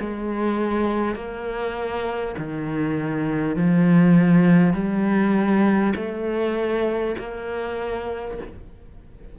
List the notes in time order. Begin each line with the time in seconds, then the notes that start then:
0.00 G#3
1.15 A#3
2.38 D#3
3.56 F3
4.73 G3
5.95 A3
7.18 A#3